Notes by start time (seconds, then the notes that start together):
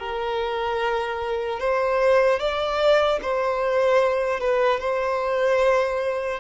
0.00 A#4
1.60 C5
2.40 D5
3.22 C5
4.40 B4
4.80 C5